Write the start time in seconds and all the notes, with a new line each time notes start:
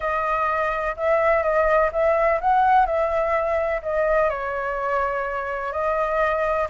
0.00 D#5
0.96 E5
1.43 D#5
1.92 E5
2.40 F#5
2.85 E5
3.82 D#5
4.29 C#5
5.72 D#5